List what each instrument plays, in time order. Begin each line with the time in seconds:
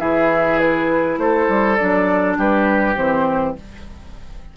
0.00 bassoon E3, clarinet E4, oboe G#4, flute E5
0.60 flute B4
1.18 bassoon A3, oboe A4, flute C5
1.49 bassoon G3
1.77 bassoon F#3, clarinet D4, flute D5
2.38 bassoon G3, oboe G4, flute B4
2.96 bassoon E3, clarinet C4, flute C5